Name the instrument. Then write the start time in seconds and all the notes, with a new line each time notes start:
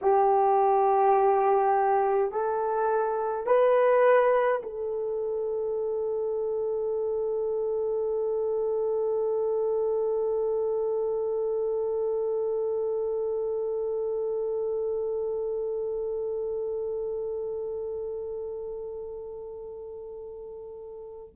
horn
0.01 G4
2.31 A4
3.46 B4
4.62 A4